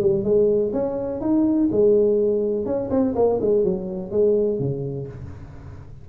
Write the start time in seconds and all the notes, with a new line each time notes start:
0.00 G3
0.24 G#3
0.73 C#4
1.21 D#4
1.72 G#3
2.66 C#4
2.91 C4
3.15 A#3
3.41 G#3
3.64 F#3
4.11 G#3
4.59 C#3